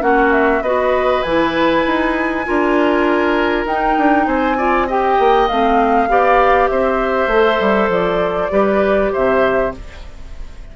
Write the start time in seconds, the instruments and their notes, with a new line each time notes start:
0.00 bassoon A#3, clarinet C#4, oboe F#4, flute F#5
0.33 flute E5
0.61 bassoon B3, clarinet F#4, oboe B4, flute D#5
1.23 bassoon E3, clarinet E4, flute G#5
1.87 bassoon D#4
2.45 bassoon D4, clarinet F4, oboe A#4
3.66 bassoon D#4, clarinet D#4, flute G5
3.98 bassoon D4
4.27 bassoon C4, oboe C5, flute G#5
4.57 clarinet F4, oboe D5
4.87 clarinet G4, oboe D#5, flute G5
5.19 bassoon A#3
5.48 bassoon A3, clarinet C4, flute F5
6.09 bassoon B3, clarinet G4, oboe D5
6.68 bassoon C4, oboe C5, flute E5
7.27 bassoon A3, clarinet A4
7.60 bassoon G3
7.89 bassoon F3, flute D5
8.50 bassoon G3, clarinet G4, oboe B4
9.12 bassoon C3, oboe C5, flute E5